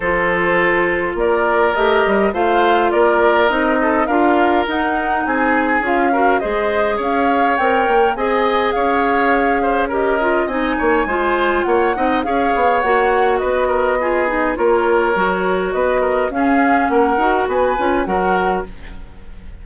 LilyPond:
<<
  \new Staff \with { instrumentName = "flute" } { \time 4/4 \tempo 4 = 103 c''2 d''4 dis''4 | f''4 d''4 dis''4 f''4 | fis''4 gis''4 f''4 dis''4 | f''4 g''4 gis''4 f''4~ |
f''4 dis''4 gis''2 | fis''4 f''4 fis''4 dis''4~ | dis''4 cis''2 dis''4 | f''4 fis''4 gis''4 fis''4 | }
  \new Staff \with { instrumentName = "oboe" } { \time 4/4 a'2 ais'2 | c''4 ais'4. a'8 ais'4~ | ais'4 gis'4. ais'8 c''4 | cis''2 dis''4 cis''4~ |
cis''8 c''8 ais'4 dis''8 cis''8 c''4 | cis''8 dis''8 cis''2 b'8 ais'8 | gis'4 ais'2 b'8 ais'8 | gis'4 ais'4 b'4 ais'4 | }
  \new Staff \with { instrumentName = "clarinet" } { \time 4/4 f'2. g'4 | f'2 dis'4 f'4 | dis'2 f'8 fis'8 gis'4~ | gis'4 ais'4 gis'2~ |
gis'4 g'8 f'8 dis'4 f'4~ | f'8 dis'8 gis'4 fis'2 | f'8 dis'8 f'4 fis'2 | cis'4. fis'4 f'8 fis'4 | }
  \new Staff \with { instrumentName = "bassoon" } { \time 4/4 f2 ais4 a8 g8 | a4 ais4 c'4 d'4 | dis'4 c'4 cis'4 gis4 | cis'4 c'8 ais8 c'4 cis'4~ |
cis'2 c'8 ais8 gis4 | ais8 c'8 cis'8 b8 ais4 b4~ | b4 ais4 fis4 b4 | cis'4 ais8 dis'8 b8 cis'8 fis4 | }
>>